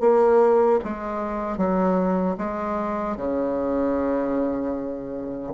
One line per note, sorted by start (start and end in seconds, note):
0.00 0.79 A#3
0.84 1.57 G#3
1.57 2.36 F#3
2.38 3.16 G#3
3.16 5.53 C#3